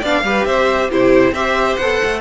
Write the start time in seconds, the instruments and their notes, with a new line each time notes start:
0.00 cello B3, viola D4, violin D5 F5
0.23 cello G3, viola G4, violin B4
0.45 cello C4, violin C5 E5
0.91 cello C3, viola E4, violin G4 C5
1.31 cello C4, viola G4, violin C5 E5
1.76 cello B3, viola A4, violin F#5
2.04 cello A3